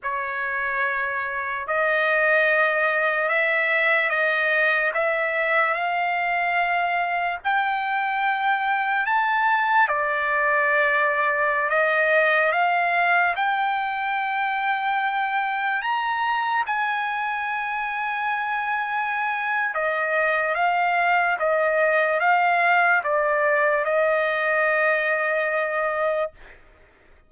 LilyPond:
\new Staff \with { instrumentName = "trumpet" } { \time 4/4 \tempo 4 = 73 cis''2 dis''2 | e''4 dis''4 e''4 f''4~ | f''4 g''2 a''4 | d''2~ d''16 dis''4 f''8.~ |
f''16 g''2. ais''8.~ | ais''16 gis''2.~ gis''8. | dis''4 f''4 dis''4 f''4 | d''4 dis''2. | }